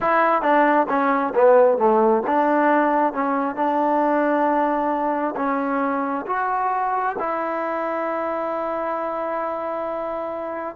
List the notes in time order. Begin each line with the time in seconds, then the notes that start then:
0.00 E4
0.42 D4
0.88 C#4
1.34 B3
1.77 A3
2.26 D4
3.13 C#4
3.55 D4
5.36 C#4
6.26 F#4
7.18 E4